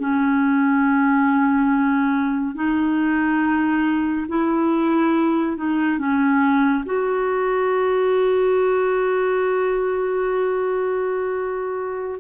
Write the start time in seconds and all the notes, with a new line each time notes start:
0.00 C#4
2.55 D#4
4.29 E4
5.57 D#4
5.99 C#4
6.86 F#4